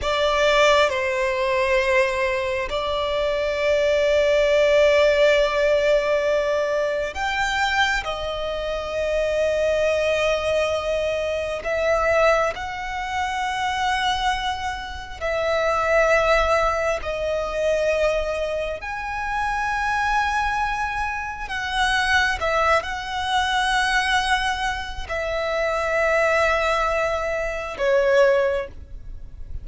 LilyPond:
\new Staff \with { instrumentName = "violin" } { \time 4/4 \tempo 4 = 67 d''4 c''2 d''4~ | d''1 | g''4 dis''2.~ | dis''4 e''4 fis''2~ |
fis''4 e''2 dis''4~ | dis''4 gis''2. | fis''4 e''8 fis''2~ fis''8 | e''2. cis''4 | }